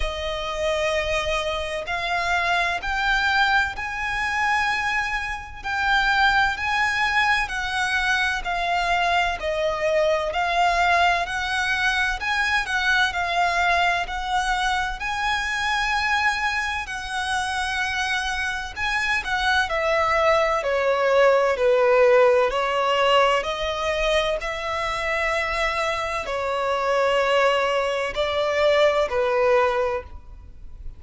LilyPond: \new Staff \with { instrumentName = "violin" } { \time 4/4 \tempo 4 = 64 dis''2 f''4 g''4 | gis''2 g''4 gis''4 | fis''4 f''4 dis''4 f''4 | fis''4 gis''8 fis''8 f''4 fis''4 |
gis''2 fis''2 | gis''8 fis''8 e''4 cis''4 b'4 | cis''4 dis''4 e''2 | cis''2 d''4 b'4 | }